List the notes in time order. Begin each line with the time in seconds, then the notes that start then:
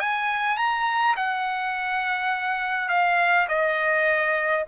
0.00 G#5
0.57 A#5
1.17 F#5
2.89 F5
3.49 D#5